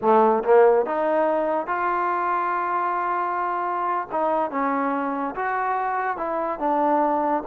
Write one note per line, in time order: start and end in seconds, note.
0.01 0.43 A3
0.43 0.85 A#3
0.86 1.66 D#4
1.66 4.08 F4
4.11 4.50 D#4
4.50 5.34 C#4
5.35 6.17 F#4
6.17 6.59 E4
6.59 7.43 D4